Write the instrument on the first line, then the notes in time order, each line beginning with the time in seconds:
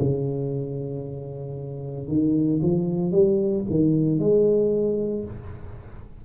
tuba
0.00 C#3
2.08 D#3
2.62 F3
3.11 G3
3.70 D#3
4.20 G#3